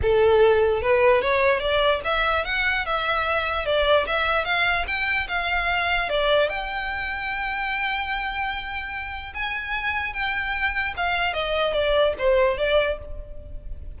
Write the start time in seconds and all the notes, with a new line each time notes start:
0.02 A4
0.82 B4
1.21 C#5
1.59 D5
2.04 E5
2.45 F#5
2.85 E5
3.65 D5
4.06 E5
4.44 F5
4.87 G5
5.28 F5
6.09 D5
6.49 G5
9.34 G#5
10.13 G5
10.96 F5
11.33 D#5
11.73 D5
12.18 C5
12.57 D5